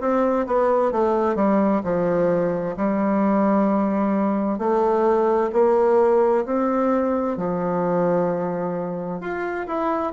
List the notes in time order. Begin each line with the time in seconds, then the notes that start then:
0.00 C4
0.47 B3
0.91 A3
1.36 G3
1.84 F3
2.77 G3
4.58 A3
5.53 A#3
6.45 C4
7.37 F3
9.21 F4
9.67 E4